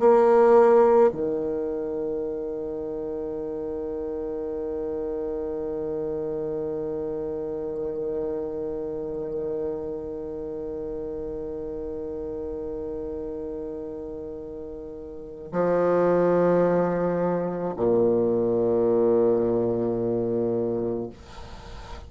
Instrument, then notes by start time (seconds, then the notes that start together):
bassoon
0.00 A#3
1.12 D#3
15.52 F3
17.77 A#2